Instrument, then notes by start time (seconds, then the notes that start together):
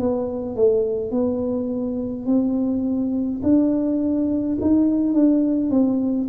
tuba
0.00 B3
0.56 A3
1.12 B3
2.26 C4
3.43 D4
4.62 D#4
5.14 D4
5.71 C4